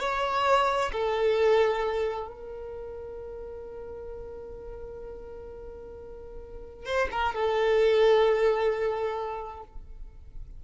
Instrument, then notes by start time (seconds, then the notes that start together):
violin
0.00 C#5
0.92 A4
2.28 A#4
6.86 C5
7.12 A#4
7.35 A4